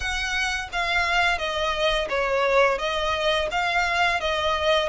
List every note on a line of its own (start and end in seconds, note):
0.00 0.69 F#5
0.72 1.38 F5
1.38 2.08 D#5
2.09 2.78 C#5
2.78 3.48 D#5
3.51 4.20 F5
4.20 4.88 D#5